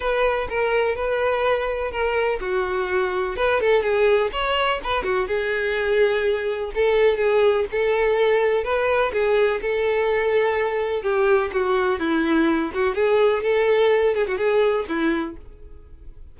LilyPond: \new Staff \with { instrumentName = "violin" } { \time 4/4 \tempo 4 = 125 b'4 ais'4 b'2 | ais'4 fis'2 b'8 a'8 | gis'4 cis''4 b'8 fis'8 gis'4~ | gis'2 a'4 gis'4 |
a'2 b'4 gis'4 | a'2. g'4 | fis'4 e'4. fis'8 gis'4 | a'4. gis'16 fis'16 gis'4 e'4 | }